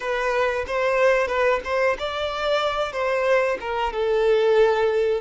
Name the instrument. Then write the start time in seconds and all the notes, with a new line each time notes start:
violin
0.00 B4
0.66 C5
1.27 B4
1.64 C5
1.99 D5
2.92 C5
3.60 A#4
3.92 A4